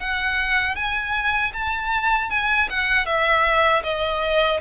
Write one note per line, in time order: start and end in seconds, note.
0.00 0.76 F#5
0.76 1.53 G#5
1.54 2.31 A5
2.31 2.69 G#5
2.70 3.06 F#5
3.06 3.83 E5
3.84 4.61 D#5